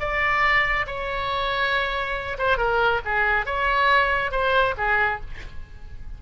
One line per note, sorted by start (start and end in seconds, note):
0.00 0.86 D5
0.87 2.38 C#5
2.39 2.58 C5
2.58 3.01 A#4
3.05 3.46 G#4
3.46 4.32 C#5
4.32 4.75 C5
4.78 5.21 G#4